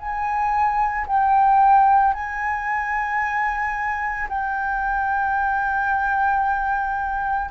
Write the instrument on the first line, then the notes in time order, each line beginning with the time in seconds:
flute
0.00 G#5
1.07 G5
2.14 G#5
4.30 G5